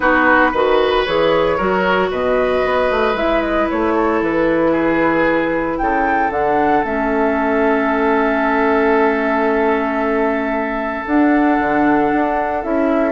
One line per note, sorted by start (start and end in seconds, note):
0.00 0.52 B3
0.00 0.52 D#4
0.00 0.51 F#4
0.00 1.04 B4
0.51 1.05 D#3
0.51 1.06 F#4
0.51 1.56 B4
1.05 1.59 E3
1.05 1.58 G#4
1.05 2.10 C#5
1.57 2.11 F#3
1.57 3.16 F#4
1.57 2.09 A#4
2.10 2.63 B2
2.10 3.94 B4
2.10 3.16 D#5
2.64 2.90 B3
2.90 3.14 A3
3.14 3.66 G#3
3.14 6.31 E4
3.14 3.41 E5
3.41 3.68 D#5
3.70 4.21 A3
3.70 4.22 C#5
3.94 4.71 A4
4.21 5.79 E3
4.21 5.78 B4
4.71 5.76 G#4
5.78 6.30 C#3
5.78 13.12 A4
5.78 6.30 G5
6.30 6.82 D3
6.30 6.83 D4
6.30 6.84 F#5
6.83 11.05 A3
6.83 11.04 C#4
6.83 11.05 E5
11.06 11.58 D4
11.06 12.62 D4
11.06 12.63 F#5
11.59 12.12 D3
12.12 12.64 D4
12.62 13.12 C#4
12.62 13.12 E4
12.62 13.12 E5